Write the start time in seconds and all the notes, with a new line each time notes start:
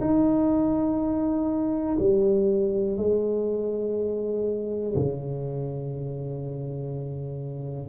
0.00 D#4
1.99 G3
2.97 G#3
4.95 C#3